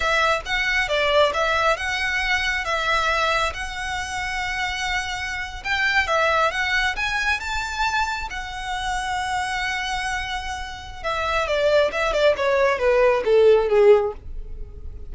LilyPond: \new Staff \with { instrumentName = "violin" } { \time 4/4 \tempo 4 = 136 e''4 fis''4 d''4 e''4 | fis''2 e''2 | fis''1~ | fis''8. g''4 e''4 fis''4 gis''16~ |
gis''8. a''2 fis''4~ fis''16~ | fis''1~ | fis''4 e''4 d''4 e''8 d''8 | cis''4 b'4 a'4 gis'4 | }